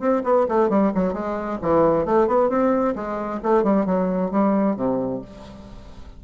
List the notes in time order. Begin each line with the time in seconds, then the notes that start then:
0.00 C4
0.24 B3
0.49 A3
0.70 G3
0.95 F#3
1.14 G#3
1.62 E3
2.06 A3
2.28 B3
2.50 C4
2.95 G#3
3.43 A3
3.64 G3
3.86 F#3
4.31 G3
4.77 C3